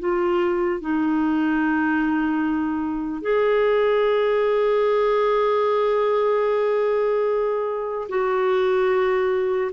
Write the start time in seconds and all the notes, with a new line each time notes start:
0.00 F4
0.81 D#4
3.22 G#4
8.09 F#4